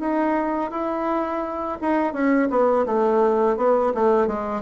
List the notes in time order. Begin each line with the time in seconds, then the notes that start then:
0.00 D#4
0.71 E4
1.82 D#4
2.14 C#4
2.50 B3
2.86 A3
3.57 B3
3.95 A3
4.28 G#3